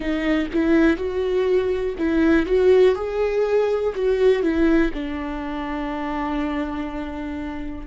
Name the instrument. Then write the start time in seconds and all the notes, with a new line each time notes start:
viola
0.00 D#4
0.53 E4
0.97 F#4
1.98 E4
2.45 F#4
2.95 G#4
3.95 F#4
4.42 E4
4.93 D4